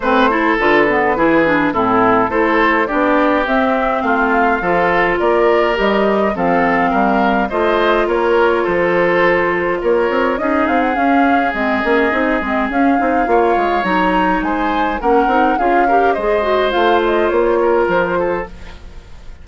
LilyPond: <<
  \new Staff \with { instrumentName = "flute" } { \time 4/4 \tempo 4 = 104 c''4 b'2 a'4 | c''4 d''4 e''4 f''4~ | f''4 d''4 dis''4 f''4~ | f''4 dis''4 cis''4 c''4~ |
c''4 cis''4 dis''8 f''16 fis''16 f''4 | dis''2 f''2 | ais''4 gis''4 fis''4 f''4 | dis''4 f''8 dis''8 cis''4 c''4 | }
  \new Staff \with { instrumentName = "oboe" } { \time 4/4 b'8 a'4. gis'4 e'4 | a'4 g'2 f'4 | a'4 ais'2 a'4 | ais'4 c''4 ais'4 a'4~ |
a'4 ais'4 gis'2~ | gis'2. cis''4~ | cis''4 c''4 ais'4 gis'8 ais'8 | c''2~ c''8 ais'4 a'8 | }
  \new Staff \with { instrumentName = "clarinet" } { \time 4/4 c'8 e'8 f'8 b8 e'8 d'8 c'4 | e'4 d'4 c'2 | f'2 g'4 c'4~ | c'4 f'2.~ |
f'2 dis'4 cis'4 | c'8 cis'8 dis'8 c'8 cis'8 dis'8 f'4 | dis'2 cis'8 dis'8 f'8 g'8 | gis'8 fis'8 f'2. | }
  \new Staff \with { instrumentName = "bassoon" } { \time 4/4 a4 d4 e4 a,4 | a4 b4 c'4 a4 | f4 ais4 g4 f4 | g4 a4 ais4 f4~ |
f4 ais8 c'8 cis'8 c'8 cis'4 | gis8 ais8 c'8 gis8 cis'8 c'8 ais8 gis8 | fis4 gis4 ais8 c'8 cis'4 | gis4 a4 ais4 f4 | }
>>